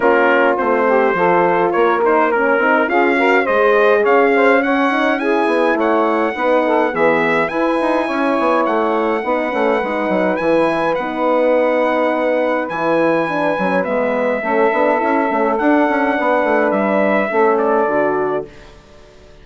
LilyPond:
<<
  \new Staff \with { instrumentName = "trumpet" } { \time 4/4 \tempo 4 = 104 ais'4 c''2 cis''8 c''8 | ais'4 f''4 dis''4 f''4 | fis''4 gis''4 fis''2 | e''4 gis''2 fis''4~ |
fis''2 gis''4 fis''4~ | fis''2 gis''2 | e''2. fis''4~ | fis''4 e''4. d''4. | }
  \new Staff \with { instrumentName = "saxophone" } { \time 4/4 f'4. g'8 a'4 ais'4~ | ais'4 gis'8 ais'8 c''4 cis''8 c''8 | cis''4 gis'4 cis''4 b'8 a'8 | gis'4 b'4 cis''2 |
b'1~ | b'1~ | b'4 a'2. | b'2 a'2 | }
  \new Staff \with { instrumentName = "horn" } { \time 4/4 cis'4 c'4 f'4. dis'8 | cis'8 dis'8 f'8 fis'8 gis'2 | cis'8 dis'8 e'2 dis'4 | b4 e'2. |
dis'8 cis'8 dis'4 e'4 dis'4~ | dis'2 e'4 d'8 cis'8 | b4 cis'8 d'8 e'8 cis'8 d'4~ | d'2 cis'4 fis'4 | }
  \new Staff \with { instrumentName = "bassoon" } { \time 4/4 ais4 a4 f4 ais4~ | ais8 c'8 cis'4 gis4 cis'4~ | cis'4. b8 a4 b4 | e4 e'8 dis'8 cis'8 b8 a4 |
b8 a8 gis8 fis8 e4 b4~ | b2 e4. fis8 | gis4 a8 b8 cis'8 a8 d'8 cis'8 | b8 a8 g4 a4 d4 | }
>>